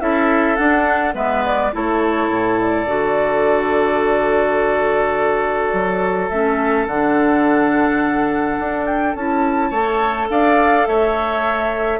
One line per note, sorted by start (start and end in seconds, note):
0.00 0.57 C#4
0.00 0.57 E4
0.00 1.14 A4
0.00 0.56 E5
0.56 1.13 D4
0.56 1.14 D4
0.56 1.13 F#5
1.13 1.71 G#3
1.13 1.70 B3
1.13 1.72 B4
1.13 1.44 E5
1.45 1.74 D5
1.72 2.29 A3
1.72 2.86 E4
1.72 9.70 A4
1.72 2.59 C#5
2.29 2.86 A2
2.59 6.28 D5
2.86 5.71 D3
2.86 6.30 F#4
5.72 6.30 F#3
6.28 6.86 A3
6.28 6.88 C#4
6.28 6.85 E5
6.86 8.57 D3
6.86 9.16 D4
6.86 8.85 F#5
8.59 9.15 D4
8.85 9.14 G5
9.15 9.70 C#4
9.15 9.73 E4
9.15 10.29 A5
9.70 10.27 A3
9.70 11.99 A4
9.70 10.27 C#5
10.29 10.86 D4
10.29 10.88 D5
10.29 10.86 F5
10.86 11.99 A3
10.86 11.99 C#5
10.86 11.99 E5